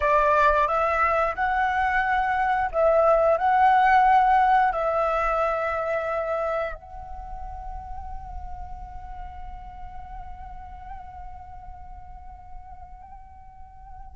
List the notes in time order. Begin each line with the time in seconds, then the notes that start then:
0.00 D5
0.67 E5
1.35 F#5
2.71 E5
3.37 F#5
4.72 E5
6.74 F#5